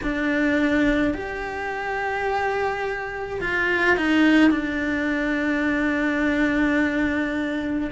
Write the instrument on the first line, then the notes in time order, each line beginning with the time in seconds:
cello
0.03 D4
1.13 G4
3.41 F4
3.96 D#4
4.50 D4